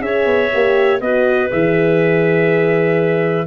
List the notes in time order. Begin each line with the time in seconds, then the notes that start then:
0.00 C#4 G#4 C#5 E5
0.25 B3
0.53 A#3 G4
1.01 B3 F#4 B4 D#5
1.50 E3 G#4 E5